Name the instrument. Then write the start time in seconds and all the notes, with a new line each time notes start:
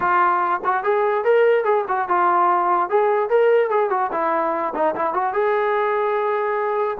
trombone
0.00 F4
0.64 F#4
0.83 G#4
1.24 A#4
1.64 G#4
1.88 F#4
2.08 F4
2.89 G#4
3.29 A#4
3.70 G#4
3.90 F#4
4.12 E4
4.74 D#4
4.95 E4
5.13 F#4
5.33 G#4